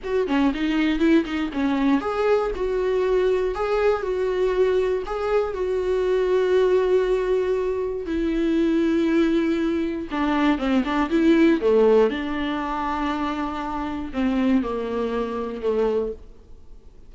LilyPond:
\new Staff \with { instrumentName = "viola" } { \time 4/4 \tempo 4 = 119 fis'8 cis'8 dis'4 e'8 dis'8 cis'4 | gis'4 fis'2 gis'4 | fis'2 gis'4 fis'4~ | fis'1 |
e'1 | d'4 c'8 d'8 e'4 a4 | d'1 | c'4 ais2 a4 | }